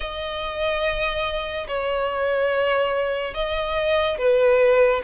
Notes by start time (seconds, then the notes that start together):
0.00 D#5
1.67 C#5
3.34 D#5
4.18 B4